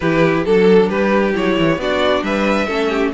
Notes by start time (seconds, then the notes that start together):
0.00 E3 E4 G4 B4
0.45 F#3 D4 A4
0.89 G3 G4 B4
1.33 F#3 E4 C#5
1.58 E3
1.76 B3 D4 F#4 D5
2.22 G3 B4 E5
2.67 A3 C#4 A4
2.89 G4